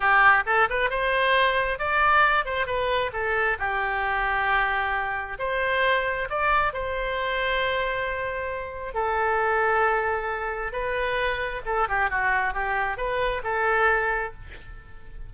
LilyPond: \new Staff \with { instrumentName = "oboe" } { \time 4/4 \tempo 4 = 134 g'4 a'8 b'8 c''2 | d''4. c''8 b'4 a'4 | g'1 | c''2 d''4 c''4~ |
c''1 | a'1 | b'2 a'8 g'8 fis'4 | g'4 b'4 a'2 | }